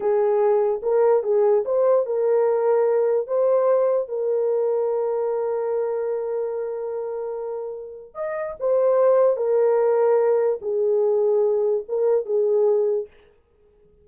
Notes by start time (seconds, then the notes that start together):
0.00 G#4
0.82 A#4
1.23 G#4
1.65 C5
2.05 A#4
3.27 C5
4.08 A#4
8.14 D#5
8.59 C5
9.36 A#4
10.61 G#4
11.88 A#4
12.25 G#4